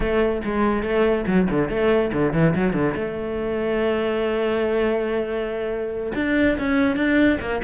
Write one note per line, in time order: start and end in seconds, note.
0.00 0.41 A3
0.44 0.82 G#3
0.82 1.25 A3
1.27 1.48 F#3
1.50 1.69 D3
1.69 2.11 A3
2.13 2.33 D3
2.33 2.54 E3
2.55 2.73 F#3
2.73 2.94 D3
2.95 6.12 A3
6.15 6.57 D4
6.58 6.96 C#4
6.96 7.38 D4
7.40 7.61 A#3